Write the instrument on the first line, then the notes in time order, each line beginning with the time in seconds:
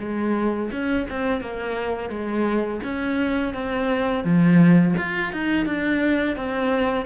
cello
0.00 G#3
0.73 C#4
1.10 C4
1.41 A#3
2.10 G#3
2.84 C#4
3.54 C4
4.24 F3
4.98 F4
5.33 D#4
5.66 D4
6.37 C4